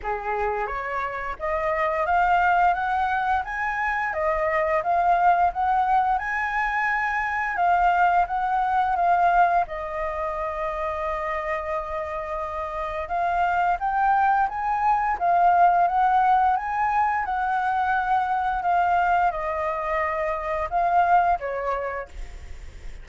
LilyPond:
\new Staff \with { instrumentName = "flute" } { \time 4/4 \tempo 4 = 87 gis'4 cis''4 dis''4 f''4 | fis''4 gis''4 dis''4 f''4 | fis''4 gis''2 f''4 | fis''4 f''4 dis''2~ |
dis''2. f''4 | g''4 gis''4 f''4 fis''4 | gis''4 fis''2 f''4 | dis''2 f''4 cis''4 | }